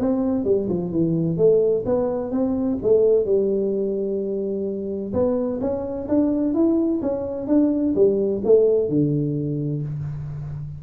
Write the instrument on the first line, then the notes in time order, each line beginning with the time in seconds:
tuba
0.00 C4
0.45 G3
0.69 F3
0.92 E3
1.38 A3
1.86 B3
2.32 C4
2.83 A3
3.26 G3
5.13 B3
5.61 C#4
6.09 D4
6.54 E4
7.02 C#4
7.48 D4
7.96 G3
8.45 A3
8.89 D3